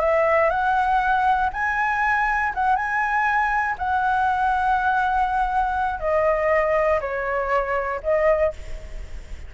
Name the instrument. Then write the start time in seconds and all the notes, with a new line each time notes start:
flute
0.00 E5
0.50 F#5
1.53 G#5
2.54 F#5
2.76 G#5
3.78 F#5
6.00 D#5
7.01 C#5
8.03 D#5